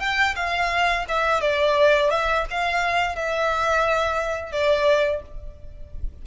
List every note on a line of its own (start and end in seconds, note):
0.00 0.35 G5
0.35 1.05 F5
1.08 1.41 E5
1.41 2.10 D5
2.10 2.45 E5
2.50 3.16 F5
3.16 4.52 E5
4.52 5.22 D5